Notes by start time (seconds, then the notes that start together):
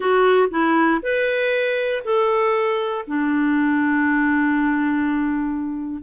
0.00 F#4
0.50 E4
1.02 B4
2.04 A4
3.07 D4